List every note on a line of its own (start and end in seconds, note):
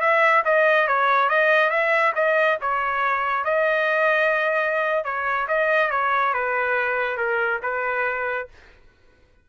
0.00 0.43 E5
0.44 0.87 D#5
0.87 1.29 C#5
1.29 1.69 D#5
1.69 2.12 E5
2.15 2.58 D#5
2.61 3.44 C#5
3.44 5.04 D#5
5.04 5.47 C#5
5.47 5.90 D#5
5.90 6.33 C#5
6.33 7.17 B4
7.17 7.60 A#4
7.62 8.48 B4